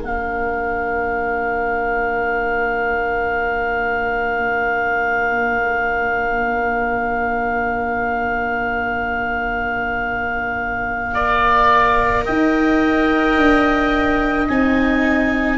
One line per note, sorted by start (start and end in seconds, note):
0.00 12.25 A#3
0.00 11.14 D4
0.00 11.11 A#4
0.00 12.26 F5
11.14 14.48 A#4
11.14 12.25 D5
12.25 13.37 D#4
12.25 15.58 D#5
12.25 14.48 G5
13.37 14.48 D4
14.48 15.58 C4
14.48 15.58 D#4
14.48 15.58 G#5